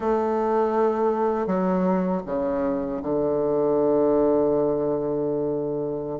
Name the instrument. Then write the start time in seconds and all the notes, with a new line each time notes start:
bassoon
0.00 A3
1.46 F#3
2.26 C#3
3.02 D3